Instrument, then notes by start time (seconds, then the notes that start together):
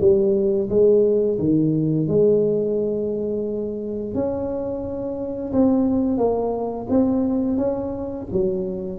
tuba
0.00 G3
0.69 G#3
1.39 D#3
2.07 G#3
4.14 C#4
5.53 C4
6.18 A#3
6.90 C4
7.57 C#4
8.32 F#3